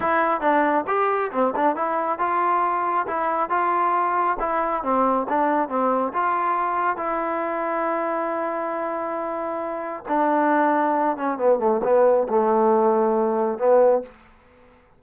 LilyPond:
\new Staff \with { instrumentName = "trombone" } { \time 4/4 \tempo 4 = 137 e'4 d'4 g'4 c'8 d'8 | e'4 f'2 e'4 | f'2 e'4 c'4 | d'4 c'4 f'2 |
e'1~ | e'2. d'4~ | d'4. cis'8 b8 a8 b4 | a2. b4 | }